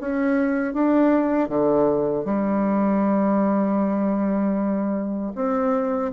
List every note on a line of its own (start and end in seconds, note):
0.00 0.73 C#4
0.73 1.49 D4
1.49 2.25 D3
2.25 5.33 G3
5.35 6.12 C4